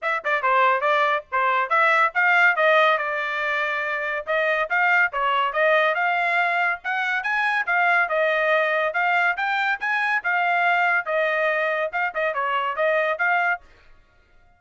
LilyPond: \new Staff \with { instrumentName = "trumpet" } { \time 4/4 \tempo 4 = 141 e''8 d''8 c''4 d''4 c''4 | e''4 f''4 dis''4 d''4~ | d''2 dis''4 f''4 | cis''4 dis''4 f''2 |
fis''4 gis''4 f''4 dis''4~ | dis''4 f''4 g''4 gis''4 | f''2 dis''2 | f''8 dis''8 cis''4 dis''4 f''4 | }